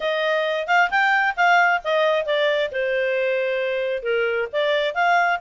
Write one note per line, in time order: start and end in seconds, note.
0.00 0.67 D#5
0.67 0.89 F5
0.90 1.35 G5
1.36 1.81 F5
1.84 2.25 D#5
2.25 2.70 D5
2.71 4.03 C5
4.03 4.48 A#4
4.52 4.94 D5
4.94 5.39 F5